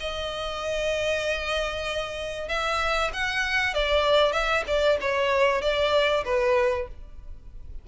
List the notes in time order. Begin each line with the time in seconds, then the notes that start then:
0.00 D#5
2.49 E5
3.14 F#5
3.74 D5
4.33 E5
4.68 D5
5.01 C#5
5.62 D5
6.25 B4